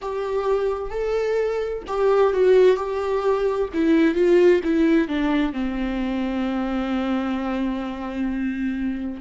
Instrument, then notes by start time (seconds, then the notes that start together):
viola
0.01 G4
0.90 A4
1.87 G4
2.33 F#4
2.76 G4
3.73 E4
4.14 F4
4.63 E4
5.08 D4
5.53 C4